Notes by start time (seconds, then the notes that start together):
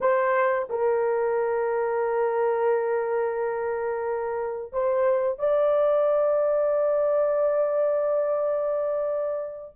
0.00 C5
0.69 A#4
4.72 C5
5.38 D5